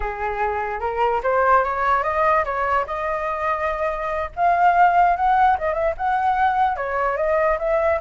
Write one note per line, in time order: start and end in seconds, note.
0.00 0.80 G#4
0.80 1.21 A#4
1.23 1.63 C5
1.63 2.03 C#5
2.03 2.44 D#5
2.44 2.85 C#5
2.86 4.30 D#5
4.36 5.16 F5
5.16 5.57 F#5
5.58 5.73 D#5
5.73 5.94 E5
5.97 6.76 F#5
6.76 7.17 C#5
7.17 7.58 D#5
7.58 8.00 E5